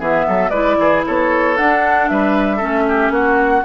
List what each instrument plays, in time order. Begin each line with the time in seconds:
0.00 bassoon E3, clarinet B3, oboe G#4, flute E5
0.28 bassoon F#3, oboe A4
0.50 bassoon G#3, clarinet E4, oboe B4, flute D5
0.79 bassoon E3, oboe G#4
1.07 bassoon B3, oboe A4, flute C#5
1.57 clarinet D4, bassoon D4, flute F#5
2.09 bassoon G3, oboe B4, flute E5
2.57 clarinet C#4, oboe A4
2.63 bassoon A3
2.89 oboe G4
3.10 bassoon A#3, oboe F#4, flute F#5